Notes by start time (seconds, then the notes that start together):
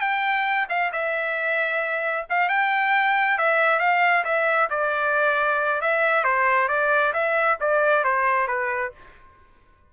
0.00 G5
0.69 F5
0.92 E5
2.29 F5
2.49 G5
3.38 E5
3.79 F5
4.24 E5
4.70 D5
5.81 E5
6.24 C5
6.68 D5
7.13 E5
7.60 D5
8.04 C5
8.47 B4